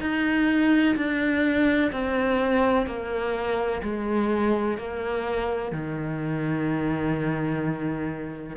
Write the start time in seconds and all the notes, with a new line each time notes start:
0.00 D#4
0.96 D4
1.92 C4
2.86 A#3
3.82 G#3
4.77 A#3
5.71 D#3